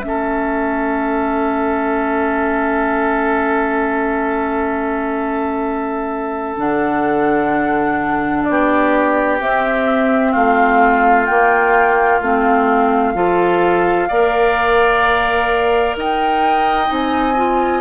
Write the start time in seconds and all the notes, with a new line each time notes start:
0.00 A3 C#4 E5
0.08 A4
6.57 D3 D4 F#5
8.44 B3 D5
8.51 G4
9.40 C4 E5
10.32 A3 F4 F5
11.26 A#3 G5
12.21 A3 C4 F5
13.15 F3 F4 A4
14.09 A#3 A#4 D5
15.96 D#4 D#5 G5
16.87 C4 D#4
16.93 G#5
17.36 F4